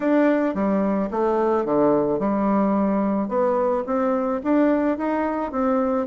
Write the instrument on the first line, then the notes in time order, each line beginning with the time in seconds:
bassoon
0.00 D4
0.54 G3
1.10 A3
1.65 D3
2.19 G3
3.28 B3
3.86 C4
4.43 D4
4.97 D#4
5.51 C4